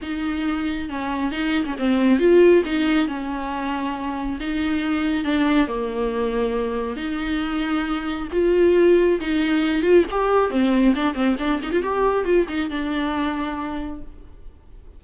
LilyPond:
\new Staff \with { instrumentName = "viola" } { \time 4/4 \tempo 4 = 137 dis'2 cis'4 dis'8. cis'16 | c'4 f'4 dis'4 cis'4~ | cis'2 dis'2 | d'4 ais2. |
dis'2. f'4~ | f'4 dis'4. f'8 g'4 | c'4 d'8 c'8 d'8 dis'16 f'16 g'4 | f'8 dis'8 d'2. | }